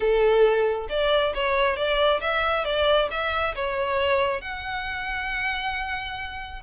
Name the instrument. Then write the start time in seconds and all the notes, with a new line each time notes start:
violin
0.00 A4
0.89 D5
1.34 C#5
1.76 D5
2.20 E5
2.64 D5
3.10 E5
3.55 C#5
4.41 F#5